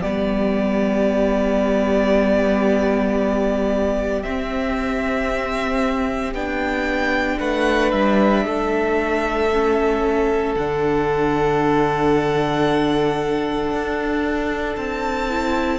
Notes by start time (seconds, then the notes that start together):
0.00 G3 B3 G4 D5
4.23 C4 E5
6.34 B3 D4 G5
7.39 A3 B4 F#5
7.91 G3 E5
8.45 A3 A4
9.52 C#4
10.55 D3 D4 F#5
13.71 D4
14.76 C4 A5
15.29 E4